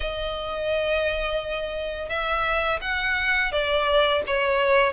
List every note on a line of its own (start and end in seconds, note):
0.00 2.09 D#5
2.09 2.79 E5
2.81 3.51 F#5
3.51 4.22 D5
4.26 4.92 C#5